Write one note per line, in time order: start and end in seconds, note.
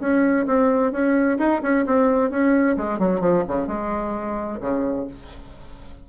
0.00 0.46 C#4
0.47 0.92 C4
0.92 1.38 C#4
1.38 1.62 D#4
1.62 1.85 C#4
1.86 2.31 C4
2.31 2.77 C#4
2.77 2.99 G#3
2.99 3.21 F#3
3.21 3.44 F3
3.48 3.67 C#3
3.67 4.60 G#3
4.61 5.07 C#3